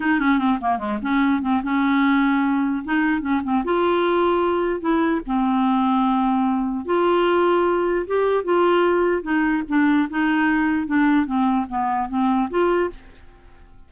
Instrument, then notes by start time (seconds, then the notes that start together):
clarinet
0.00 D#4
0.19 C#4
0.38 C4
0.60 A#3
0.78 G#3
1.01 C#4
1.41 C4
1.63 C#4
2.84 D#4
3.21 C#4
3.43 C4
3.64 F4
4.80 E4
5.26 C4
6.85 F4
8.06 G4
8.44 F4
9.22 D#4
9.68 D4
10.10 D#4
10.87 D4
11.25 C4
11.68 B3
12.08 C4
12.49 F4